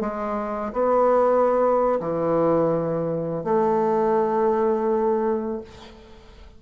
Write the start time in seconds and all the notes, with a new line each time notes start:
0.00 G#3
0.73 B3
2.00 E3
3.44 A3